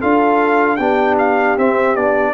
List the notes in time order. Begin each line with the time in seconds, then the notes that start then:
0.00 D4 F4 A4 F5
0.76 B3 D4 G4 G5
1.18 F5
1.57 C4 E5
1.95 B3 D4 D5